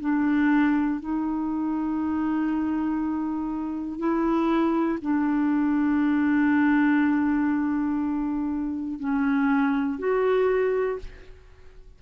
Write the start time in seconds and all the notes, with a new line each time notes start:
0.00 D4
1.00 D#4
3.98 E4
5.01 D4
8.99 C#4
9.98 F#4